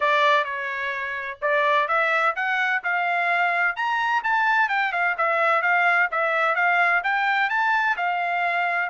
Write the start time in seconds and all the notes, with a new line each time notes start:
0.00 D5
0.44 C#5
1.41 D5
1.87 E5
2.35 F#5
2.83 F5
3.76 A#5
4.23 A5
4.69 G5
4.92 F5
5.17 E5
5.62 F5
6.11 E5
6.55 F5
7.03 G5
7.49 A5
7.97 F5